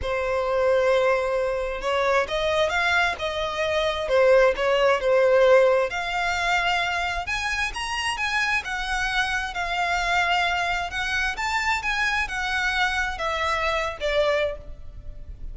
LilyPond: \new Staff \with { instrumentName = "violin" } { \time 4/4 \tempo 4 = 132 c''1 | cis''4 dis''4 f''4 dis''4~ | dis''4 c''4 cis''4 c''4~ | c''4 f''2. |
gis''4 ais''4 gis''4 fis''4~ | fis''4 f''2. | fis''4 a''4 gis''4 fis''4~ | fis''4 e''4.~ e''16 d''4~ d''16 | }